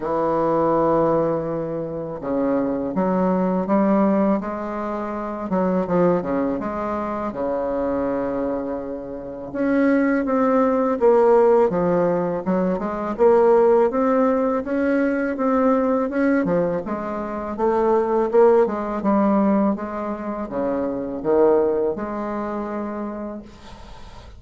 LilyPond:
\new Staff \with { instrumentName = "bassoon" } { \time 4/4 \tempo 4 = 82 e2. cis4 | fis4 g4 gis4. fis8 | f8 cis8 gis4 cis2~ | cis4 cis'4 c'4 ais4 |
f4 fis8 gis8 ais4 c'4 | cis'4 c'4 cis'8 f8 gis4 | a4 ais8 gis8 g4 gis4 | cis4 dis4 gis2 | }